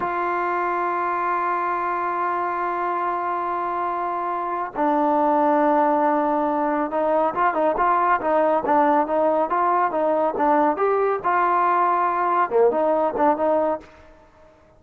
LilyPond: \new Staff \with { instrumentName = "trombone" } { \time 4/4 \tempo 4 = 139 f'1~ | f'1~ | f'2. d'4~ | d'1 |
dis'4 f'8 dis'8 f'4 dis'4 | d'4 dis'4 f'4 dis'4 | d'4 g'4 f'2~ | f'4 ais8 dis'4 d'8 dis'4 | }